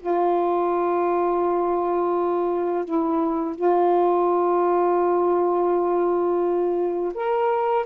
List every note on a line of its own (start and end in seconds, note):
0.00 2.85 F4
2.85 3.56 E4
3.56 7.13 F4
7.15 7.86 A#4